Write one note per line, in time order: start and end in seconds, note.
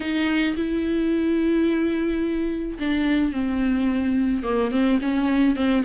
0.00 0.55 D#4
0.56 2.78 E4
2.79 3.32 D4
3.32 4.43 C4
4.43 4.71 A#3
4.71 4.99 C4
5.01 5.56 C#4
5.56 5.83 C4